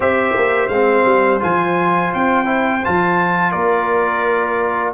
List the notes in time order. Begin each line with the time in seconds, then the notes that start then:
0.00 C4 G4 C5 E5
0.35 A#3
0.68 G#3 C4 F5
1.05 G3
1.39 F3 F4 G#5
2.14 C4 G5
2.45 E4
2.84 F3 F4 A5
3.51 A#3 A#4 D5